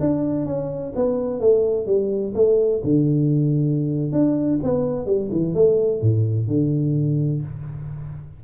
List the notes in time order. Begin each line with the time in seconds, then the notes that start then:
0.00 D4
0.46 C#4
0.96 B3
1.40 A3
1.86 G3
2.35 A3
2.84 D3
4.12 D4
4.63 B3
5.06 G3
5.31 E3
5.54 A3
6.02 A2
6.47 D3